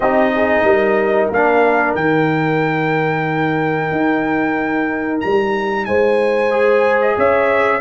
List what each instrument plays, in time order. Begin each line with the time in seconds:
0.00 tuba C4, trombone D#4, horn G4, trumpet D#5
0.35 horn G#4
0.63 tuba G3, horn A#4
1.30 tuba A#3, trombone D4, trumpet F5
1.95 tuba D#3, trombone D#4, trumpet G5
3.91 tuba D#4
5.20 tuba G3, trumpet A#5
5.85 tuba G#3, horn C5, trumpet G#5
6.51 trombone G#4
7.01 trumpet D#5
7.17 tuba C#4, horn C#5, trumpet E5